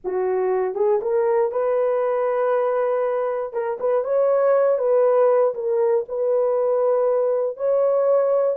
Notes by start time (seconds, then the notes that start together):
0.04 F#4
0.74 G#4
1.01 A#4
1.51 B4
3.53 A#4
3.79 B4
4.04 C#5
4.78 B4
5.54 A#4
6.08 B4
7.56 C#5